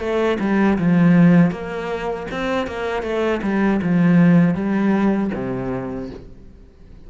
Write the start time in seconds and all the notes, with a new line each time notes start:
0.00 A3
0.40 G3
0.78 F3
1.51 A#3
2.31 C4
2.67 A#3
3.03 A3
3.42 G3
3.82 F3
4.55 G3
5.34 C3